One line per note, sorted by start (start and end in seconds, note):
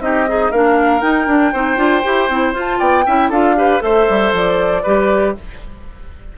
0.00 0.51 C4
0.00 0.26 D#4
0.00 0.29 G4
0.00 0.51 D#5
0.28 0.51 D#4
0.28 0.53 G#4
0.51 1.02 A#3
0.51 1.01 D4
0.51 1.53 A#4
0.51 1.01 F5
1.01 1.26 D#4
1.01 1.27 D#4
1.01 2.54 G5
1.27 1.52 D4
1.27 1.53 D4
1.53 1.77 C4
1.53 1.77 D#4
1.53 2.79 C5
1.77 2.02 D4
1.77 2.02 F4
2.04 2.29 E4
2.04 2.29 G4
2.29 2.53 C4
2.29 2.53 E4
2.53 2.79 F4
2.53 3.04 F4
2.60 2.79 A5
2.79 3.05 B3
2.79 3.04 D5
2.79 3.30 G5
3.06 3.30 C#4
3.06 3.32 E4
3.06 3.29 E5
3.29 3.81 D4
3.29 3.56 F4
3.29 3.55 A4
3.29 3.82 F5
3.56 3.80 G4
3.56 3.83 B4
3.80 4.08 A3
3.80 4.82 A4
3.80 4.83 C5
3.80 4.33 E5
4.09 4.33 G3
4.33 4.83 F3
4.33 5.37 D5
4.83 5.37 G3
4.83 5.36 G4
4.83 5.34 B4